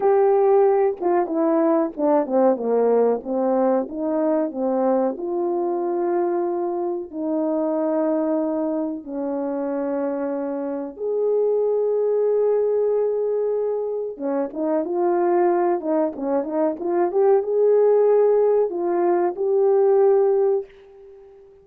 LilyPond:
\new Staff \with { instrumentName = "horn" } { \time 4/4 \tempo 4 = 93 g'4. f'8 e'4 d'8 c'8 | ais4 c'4 dis'4 c'4 | f'2. dis'4~ | dis'2 cis'2~ |
cis'4 gis'2.~ | gis'2 cis'8 dis'8 f'4~ | f'8 dis'8 cis'8 dis'8 f'8 g'8 gis'4~ | gis'4 f'4 g'2 | }